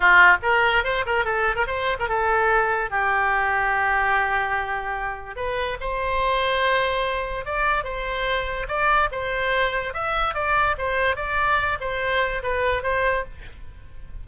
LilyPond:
\new Staff \with { instrumentName = "oboe" } { \time 4/4 \tempo 4 = 145 f'4 ais'4 c''8 ais'8 a'8. ais'16 | c''8. ais'16 a'2 g'4~ | g'1~ | g'4 b'4 c''2~ |
c''2 d''4 c''4~ | c''4 d''4 c''2 | e''4 d''4 c''4 d''4~ | d''8 c''4. b'4 c''4 | }